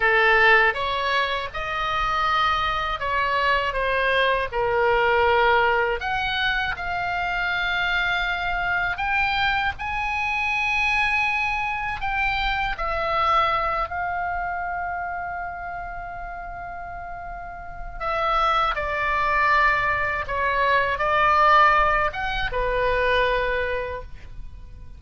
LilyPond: \new Staff \with { instrumentName = "oboe" } { \time 4/4 \tempo 4 = 80 a'4 cis''4 dis''2 | cis''4 c''4 ais'2 | fis''4 f''2. | g''4 gis''2. |
g''4 e''4. f''4.~ | f''1 | e''4 d''2 cis''4 | d''4. fis''8 b'2 | }